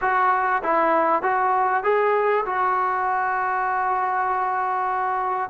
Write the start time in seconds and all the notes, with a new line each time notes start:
0.01 F#4
0.63 E4
1.22 F#4
1.83 G#4
2.45 F#4